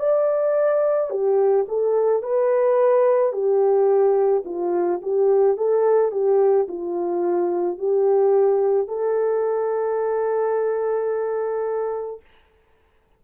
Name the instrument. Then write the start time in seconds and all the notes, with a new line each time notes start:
horn
0.00 D5
1.11 G4
1.68 A4
2.23 B4
3.33 G4
4.45 F4
5.03 G4
5.57 A4
6.12 G4
6.68 F4
7.79 G4
8.88 A4